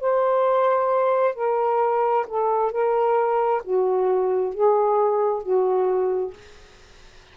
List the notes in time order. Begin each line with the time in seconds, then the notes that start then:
0.00 C5
1.35 A#4
2.27 A4
2.71 A#4
3.64 F#4
4.54 G#4
5.42 F#4